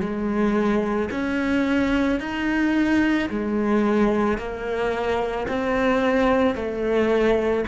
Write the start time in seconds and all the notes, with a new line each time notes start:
0.00 G#3
1.11 C#4
2.20 D#4
3.29 G#3
4.37 A#3
5.47 C4
6.55 A3